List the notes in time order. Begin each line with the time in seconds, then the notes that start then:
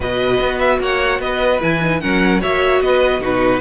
0.00 B2 F#4 B4 D#5
0.40 B3
0.59 E5
0.79 A#3 C#5 F#5
1.19 B3 B4 D#5
1.60 E3 E4 G#5
1.82 D#4
2.00 F#3 C#4 A#4 F#5
2.41 A#3 F#4 C#5 E5
2.81 B3 B4 D#5
3.19 B2 D#4 F#4 B4